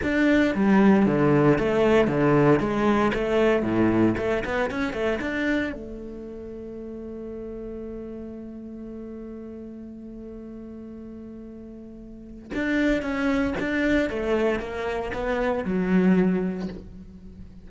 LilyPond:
\new Staff \with { instrumentName = "cello" } { \time 4/4 \tempo 4 = 115 d'4 g4 d4 a4 | d4 gis4 a4 a,4 | a8 b8 cis'8 a8 d'4 a4~ | a1~ |
a1~ | a1 | d'4 cis'4 d'4 a4 | ais4 b4 fis2 | }